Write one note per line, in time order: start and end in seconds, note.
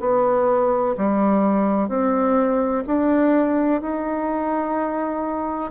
0.00 0.95 B3
0.98 1.89 G3
1.89 2.84 C4
2.87 3.82 D4
3.82 5.71 D#4